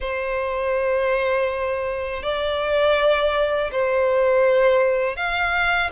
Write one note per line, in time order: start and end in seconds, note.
0.00 2.22 C5
2.22 3.70 D5
3.71 5.16 C5
5.16 5.90 F5